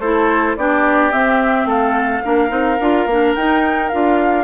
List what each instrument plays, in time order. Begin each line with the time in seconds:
0.00 bassoon A3, clarinet E4, oboe A4, flute C5
0.56 bassoon B3, clarinet D4, oboe G4, flute D5
1.12 clarinet C4, bassoon C4, flute E5
1.65 bassoon A3, oboe A4, flute F5
2.23 bassoon A#3, clarinet D4, oboe A#4
2.49 bassoon C4, clarinet D#4
2.80 bassoon D4, clarinet F4
3.06 bassoon A#3, clarinet D4
3.35 bassoon D#4, clarinet D#4, flute G5
3.89 bassoon D4, clarinet F4, flute F5